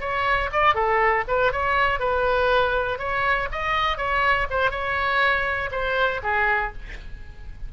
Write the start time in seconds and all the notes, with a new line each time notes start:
0.00 C#5
0.52 D5
0.74 A4
1.27 B4
1.52 C#5
1.99 B4
2.98 C#5
3.51 D#5
3.97 C#5
4.50 C5
4.70 C#5
5.71 C5
6.23 G#4